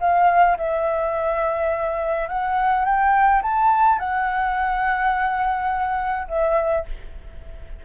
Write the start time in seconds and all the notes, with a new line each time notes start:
0.00 F5
0.57 E5
2.28 F#5
2.85 G5
3.42 A5
3.99 F#5
6.28 E5